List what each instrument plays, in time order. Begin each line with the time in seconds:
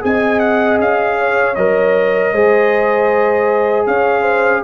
0.00 tuba C4, trombone G#4, horn D#5, trumpet G#5
0.39 trumpet F#5
0.79 tuba C#4, trumpet F5
1.19 horn C#5
1.55 tuba F#3, trombone A#4, trumpet D#5
2.33 tuba G#3, trombone G#4, horn C5
3.87 tuba C#4, horn C#5, trumpet F5
4.21 horn C5